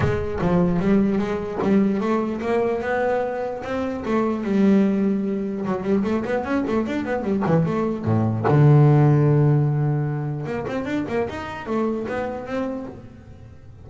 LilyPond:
\new Staff \with { instrumentName = "double bass" } { \time 4/4 \tempo 4 = 149 gis4 f4 g4 gis4 | g4 a4 ais4 b4~ | b4 c'4 a4 g4~ | g2 fis8 g8 a8 b8 |
cis'8 a8 d'8 b8 g8 e8 a4 | a,4 d2.~ | d2 ais8 c'8 d'8 ais8 | dis'4 a4 b4 c'4 | }